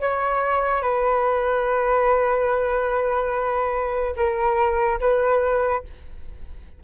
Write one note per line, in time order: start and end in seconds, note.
0.00 0.82 C#5
0.82 4.16 B4
4.17 5.00 A#4
5.00 5.83 B4